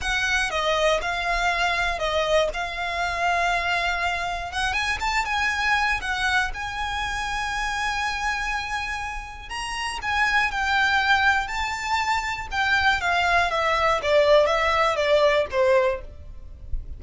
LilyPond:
\new Staff \with { instrumentName = "violin" } { \time 4/4 \tempo 4 = 120 fis''4 dis''4 f''2 | dis''4 f''2.~ | f''4 fis''8 gis''8 a''8 gis''4. | fis''4 gis''2.~ |
gis''2. ais''4 | gis''4 g''2 a''4~ | a''4 g''4 f''4 e''4 | d''4 e''4 d''4 c''4 | }